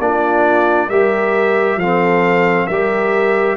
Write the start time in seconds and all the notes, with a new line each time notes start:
0.00 A#3 D4 F4 D5
0.89 G3 G4 A#4 E5
1.76 F3 C4 A4 F5
2.67 G3 G4 A#4 E5